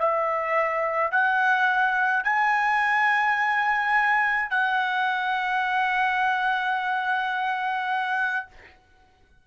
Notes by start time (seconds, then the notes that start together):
0.00 E5
1.12 F#5
2.24 G#5
4.51 F#5